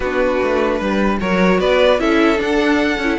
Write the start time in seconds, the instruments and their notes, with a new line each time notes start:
0.00 cello B3, viola D4, violin F#4 B4
0.42 cello A3
0.78 cello G3, violin B4
1.20 cello F#3, viola F#4, violin A#4 C#5
1.59 cello B3, violin B4 D5
1.99 cello C#4, viola E4, violin A4 E5
2.36 viola D4, cello D4, violin F#5
2.98 cello C#4, viola E4